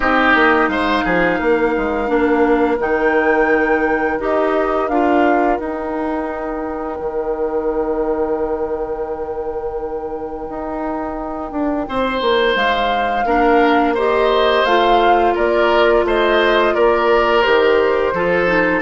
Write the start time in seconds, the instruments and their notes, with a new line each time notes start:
0.00 bassoon C4, clarinet D#4, oboe G4, flute D#5
0.34 bassoon A#3
0.67 bassoon G#3, oboe C5, flute F5
1.05 bassoon F3, oboe G#4
1.39 bassoon A#3, oboe A#4
1.77 bassoon G#3
2.07 bassoon A#3, clarinet D4
2.79 bassoon D#3, clarinet D#4, flute G5
4.19 bassoon D#4, clarinet G4, flute D#5
4.88 bassoon D4, clarinet F4, flute F5
5.57 bassoon D#4, clarinet D#4, flute G5
7.00 bassoon D#3
10.48 bassoon D#4
11.51 bassoon D4
11.88 bassoon C4, oboe C5
12.21 bassoon A#3
12.55 bassoon G#3, flute F5
13.24 bassoon A#3, clarinet D4, oboe A#4
13.94 clarinet G4, oboe C5, flute D#5
14.64 bassoon A3, clarinet F4, flute F5
15.34 bassoon A#3, oboe A#4, flute D5
16.03 bassoon A3, oboe C5, flute D#5
16.74 bassoon A#3, oboe A#4, flute D5
17.41 bassoon D#3, clarinet G4, flute C5
18.13 bassoon F3, clarinet F4, oboe A4
18.47 clarinet D#4